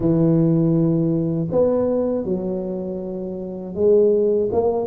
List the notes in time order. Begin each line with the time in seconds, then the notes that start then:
0.00 E3
1.51 B3
2.24 F#3
3.74 G#3
4.52 A#3